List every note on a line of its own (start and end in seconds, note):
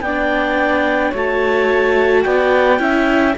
0.00 1.11 B3
0.00 1.10 D5
0.00 1.12 G5
0.06 1.14 D4
1.10 2.25 A3
1.10 2.78 F#4
1.10 2.21 C#5
1.16 2.23 A5
2.23 2.79 B3
2.23 2.80 D5
2.23 3.34 G5
2.78 3.34 C#4
2.78 3.34 E4
2.78 3.37 E5